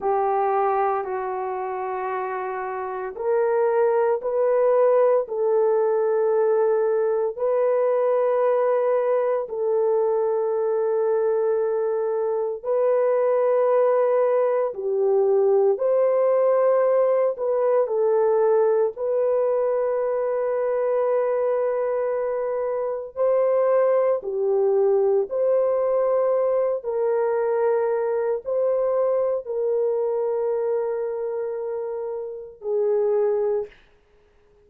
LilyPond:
\new Staff \with { instrumentName = "horn" } { \time 4/4 \tempo 4 = 57 g'4 fis'2 ais'4 | b'4 a'2 b'4~ | b'4 a'2. | b'2 g'4 c''4~ |
c''8 b'8 a'4 b'2~ | b'2 c''4 g'4 | c''4. ais'4. c''4 | ais'2. gis'4 | }